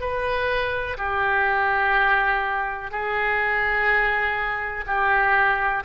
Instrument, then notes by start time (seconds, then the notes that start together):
oboe
0.00 B4
0.97 G4
2.91 G#4
4.87 G4